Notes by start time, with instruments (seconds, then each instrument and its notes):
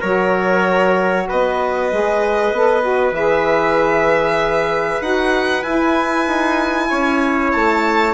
0.00 bassoon F#3, saxophone F#4, trumpet A#4, violin C#5
1.28 bassoon B3, trumpet B4, violin D#5
1.92 bassoon G#3, saxophone G#4
2.52 bassoon B3, saxophone A4
2.82 saxophone F#4
3.12 bassoon E3, saxophone G#4, violin E5
5.01 bassoon D#4, saxophone F#4, violin F#5
5.63 bassoon E4, saxophone E4, violin G#5
6.27 bassoon D#4
6.89 bassoon C#4, trumpet C#5
7.53 bassoon A3, violin A5